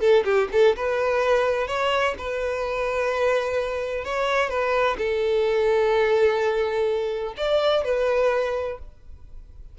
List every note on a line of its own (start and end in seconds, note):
0.00 0.24 A4
0.24 0.48 G4
0.52 0.76 A4
0.76 1.67 B4
1.67 2.14 C#5
2.18 4.04 B4
4.04 4.49 C#5
4.49 4.97 B4
4.98 7.34 A4
7.37 7.84 D5
7.84 8.79 B4